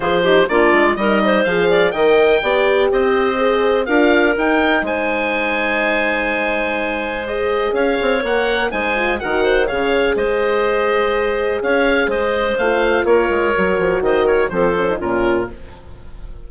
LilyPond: <<
  \new Staff \with { instrumentName = "oboe" } { \time 4/4 \tempo 4 = 124 c''4 d''4 dis''4 f''4 | g''2 dis''2 | f''4 g''4 gis''2~ | gis''2. dis''4 |
f''4 fis''4 gis''4 fis''4 | f''4 dis''2. | f''4 dis''4 f''4 cis''4~ | cis''4 dis''8 cis''8 c''4 ais'4 | }
  \new Staff \with { instrumentName = "clarinet" } { \time 4/4 gis'8 g'8 f'4 ais'8 c''4 d''8 | dis''4 d''4 c''2 | ais'2 c''2~ | c''1 |
cis''2 c''4 ais'8 c''8 | cis''4 c''2. | cis''4 c''2 ais'4~ | ais'4 c''8 ais'8 a'4 f'4 | }
  \new Staff \with { instrumentName = "horn" } { \time 4/4 f'8 dis'8 d'4 dis'4 gis'4 | ais'4 g'2 gis'4 | f'4 dis'2.~ | dis'2. gis'4~ |
gis'4 ais'4 dis'8 f'8 fis'4 | gis'1~ | gis'2 f'2 | fis'2 c'8 cis'16 dis'16 cis'4 | }
  \new Staff \with { instrumentName = "bassoon" } { \time 4/4 f4 ais8 gis8 g4 f4 | dis4 b4 c'2 | d'4 dis'4 gis2~ | gis1 |
cis'8 c'8 ais4 gis4 dis4 | cis4 gis2. | cis'4 gis4 a4 ais8 gis8 | fis8 f8 dis4 f4 ais,4 | }
>>